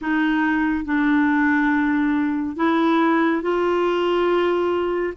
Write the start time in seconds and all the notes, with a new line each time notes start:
0.01 D#4
0.85 D4
2.56 E4
3.42 F4